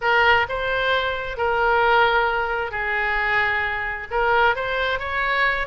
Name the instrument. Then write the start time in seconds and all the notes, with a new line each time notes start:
oboe
0.01 A#4
0.49 C5
1.37 A#4
2.71 G#4
4.10 A#4
4.55 C5
4.99 C#5